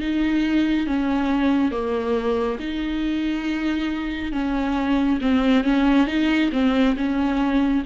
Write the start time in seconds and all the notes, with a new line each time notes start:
0.00 D#4
0.87 C#4
1.72 A#3
2.60 D#4
4.32 C#4
5.21 C4
5.64 C#4
6.07 D#4
6.52 C4
6.96 C#4